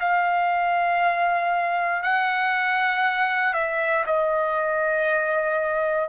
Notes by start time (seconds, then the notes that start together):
0.00 F5
2.03 F#5
3.53 E5
4.06 D#5